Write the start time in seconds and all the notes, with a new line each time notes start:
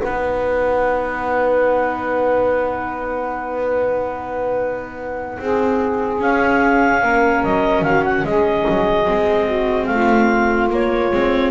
0.00 B3 D#4 B4 F#5
5.39 C4 G#4
6.17 C#4 F5
7.01 A#3 A#4
7.44 F#3 D#5
7.81 D#3 F#4 F5
8.04 F#5
8.24 G#3 G#4 D#5
8.69 F#3
9.05 G#3 C4
9.46 F#4
9.86 A3 F4 F5
10.70 A#3 C#5
11.11 G#3 C4